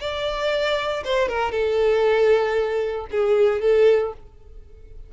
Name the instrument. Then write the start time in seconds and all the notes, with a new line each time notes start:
violin
0.00 D5
1.04 C5
1.28 A#4
1.51 A4
3.11 G#4
3.61 A4